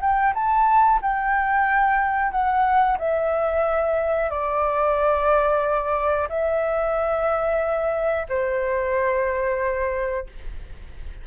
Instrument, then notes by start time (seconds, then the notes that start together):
flute
0.00 G5
0.34 A5
1.01 G5
2.31 F#5
2.98 E5
4.30 D5
6.28 E5
8.28 C5